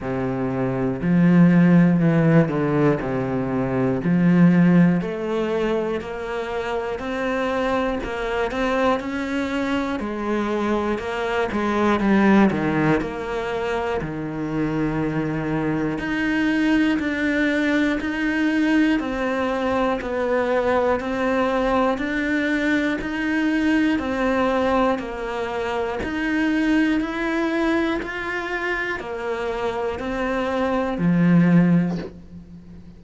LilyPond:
\new Staff \with { instrumentName = "cello" } { \time 4/4 \tempo 4 = 60 c4 f4 e8 d8 c4 | f4 a4 ais4 c'4 | ais8 c'8 cis'4 gis4 ais8 gis8 | g8 dis8 ais4 dis2 |
dis'4 d'4 dis'4 c'4 | b4 c'4 d'4 dis'4 | c'4 ais4 dis'4 e'4 | f'4 ais4 c'4 f4 | }